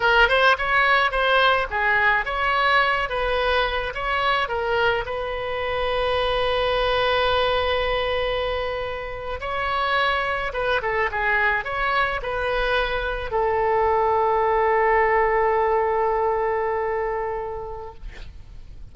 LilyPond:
\new Staff \with { instrumentName = "oboe" } { \time 4/4 \tempo 4 = 107 ais'8 c''8 cis''4 c''4 gis'4 | cis''4. b'4. cis''4 | ais'4 b'2.~ | b'1~ |
b'8. cis''2 b'8 a'8 gis'16~ | gis'8. cis''4 b'2 a'16~ | a'1~ | a'1 | }